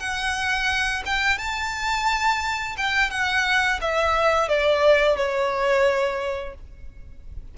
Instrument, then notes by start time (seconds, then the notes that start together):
violin
0.00 F#5
1.06 G5
1.39 A5
2.78 G5
3.11 F#5
3.82 E5
4.49 D5
5.17 C#5